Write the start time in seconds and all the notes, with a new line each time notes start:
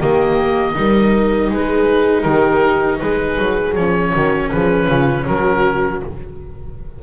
0.00 D#3 A#3 G4 D#5
0.75 G3 D#4 A#4
1.50 G#3 G#4 B4
2.23 D#3 G4 A#4
3.00 G#3 G#4 B4
3.39 F#3
3.76 F3 C#4 C#5
4.14 D#3 F#4
4.51 F3 G#4 B4
4.88 C#3 F4
5.26 F#3 F#4 A#4